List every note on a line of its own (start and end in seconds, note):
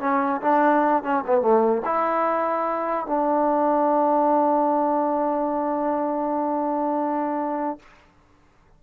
0.00 0.41 C#4
0.42 1.03 D4
1.03 1.24 C#4
1.27 1.41 B3
1.41 1.82 A3
1.85 3.07 E4
3.07 7.79 D4